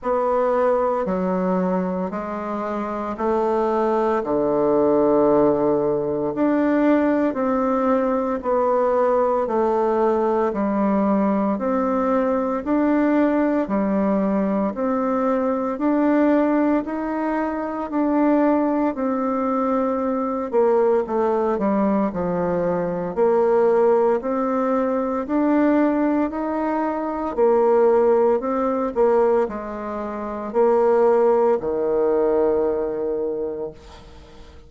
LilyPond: \new Staff \with { instrumentName = "bassoon" } { \time 4/4 \tempo 4 = 57 b4 fis4 gis4 a4 | d2 d'4 c'4 | b4 a4 g4 c'4 | d'4 g4 c'4 d'4 |
dis'4 d'4 c'4. ais8 | a8 g8 f4 ais4 c'4 | d'4 dis'4 ais4 c'8 ais8 | gis4 ais4 dis2 | }